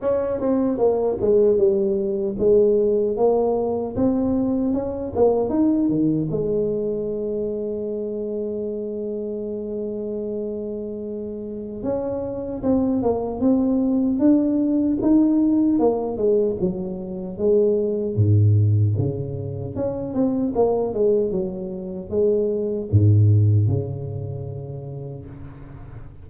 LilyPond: \new Staff \with { instrumentName = "tuba" } { \time 4/4 \tempo 4 = 76 cis'8 c'8 ais8 gis8 g4 gis4 | ais4 c'4 cis'8 ais8 dis'8 dis8 | gis1~ | gis2. cis'4 |
c'8 ais8 c'4 d'4 dis'4 | ais8 gis8 fis4 gis4 gis,4 | cis4 cis'8 c'8 ais8 gis8 fis4 | gis4 gis,4 cis2 | }